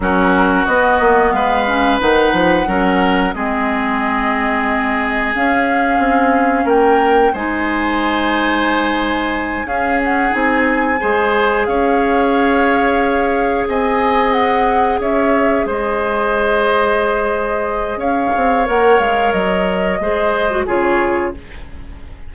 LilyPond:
<<
  \new Staff \with { instrumentName = "flute" } { \time 4/4 \tempo 4 = 90 ais'4 dis''4 f''4 fis''4~ | fis''4 dis''2. | f''2 g''4 gis''4~ | gis''2~ gis''8 f''8 fis''8 gis''8~ |
gis''4. f''2~ f''8~ | f''8 gis''4 fis''4 e''4 dis''8~ | dis''2. f''4 | fis''8 f''8 dis''2 cis''4 | }
  \new Staff \with { instrumentName = "oboe" } { \time 4/4 fis'2 b'2 | ais'4 gis'2.~ | gis'2 ais'4 c''4~ | c''2~ c''8 gis'4.~ |
gis'8 c''4 cis''2~ cis''8~ | cis''8 dis''2 cis''4 c''8~ | c''2. cis''4~ | cis''2 c''4 gis'4 | }
  \new Staff \with { instrumentName = "clarinet" } { \time 4/4 cis'4 b4. cis'8 dis'4 | cis'4 c'2. | cis'2. dis'4~ | dis'2~ dis'8 cis'4 dis'8~ |
dis'8 gis'2.~ gis'8~ | gis'1~ | gis'1 | ais'2 gis'8. fis'16 f'4 | }
  \new Staff \with { instrumentName = "bassoon" } { \time 4/4 fis4 b8 ais8 gis4 dis8 f8 | fis4 gis2. | cis'4 c'4 ais4 gis4~ | gis2~ gis8 cis'4 c'8~ |
c'8 gis4 cis'2~ cis'8~ | cis'8 c'2 cis'4 gis8~ | gis2. cis'8 c'8 | ais8 gis8 fis4 gis4 cis4 | }
>>